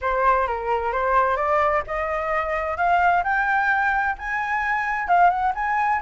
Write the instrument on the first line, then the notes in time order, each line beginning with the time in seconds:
flute
0.01 C5
0.47 A#4
0.92 C5
1.36 D5
1.86 D#5
2.77 F5
3.23 G5
4.18 G#5
5.08 F5
5.30 F#5
5.54 G#5